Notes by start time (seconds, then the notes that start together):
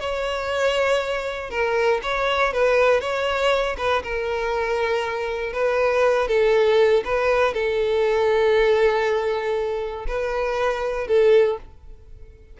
0.00 C#5
1.50 A#4
2.03 C#5
2.53 B4
3.01 C#5
3.77 B4
4.03 A#4
5.53 B4
6.28 A4
7.05 B4
7.54 A4
10.08 B4
11.08 A4